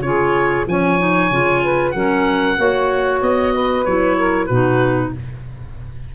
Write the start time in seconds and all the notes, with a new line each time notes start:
0.00 C#3 F4 G#4 C#5
0.67 F3 C#4 C#5 G#5
0.99 D#4
1.31 C#3 F4
1.63 B4
1.91 F#3 C#4 A#4 F#5
2.58 A#3 F#4 C#5
3.22 B3 D#5
3.53 B4
3.85 F#3 E4 C#5
4.16 A#4
4.46 B2 D#4 F#4 B4